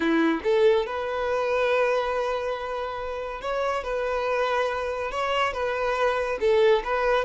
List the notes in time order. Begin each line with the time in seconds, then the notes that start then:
0.00 E4
0.43 A4
0.85 B4
3.41 C#5
3.83 B4
5.11 C#5
5.53 B4
6.40 A4
6.84 B4